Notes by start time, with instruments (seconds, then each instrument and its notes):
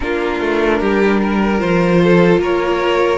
0.00 cello A#3, viola D4, violin F4 A#4
0.40 cello A3
0.80 cello G3, violin G4
1.22 violin A#4
1.58 cello F3, viola F4, violin C5
2.03 violin A4
2.38 cello A#3, violin A#4 C#5